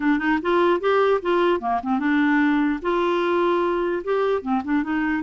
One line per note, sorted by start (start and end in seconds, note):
0.00 0.18 D4
0.18 0.38 D#4
0.42 0.80 F4
0.80 1.20 G4
1.22 1.60 F4
1.60 1.80 A#3
1.82 1.99 C4
1.99 2.79 D4
2.82 4.02 F4
4.04 4.41 G4
4.41 4.62 C4
4.64 4.83 D4
4.83 5.23 D#4